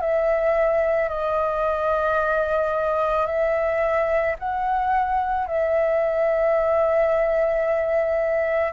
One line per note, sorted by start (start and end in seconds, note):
0.00 1.09 E5
1.09 3.26 D#5
3.26 4.35 E5
4.39 5.46 F#5
5.46 8.73 E5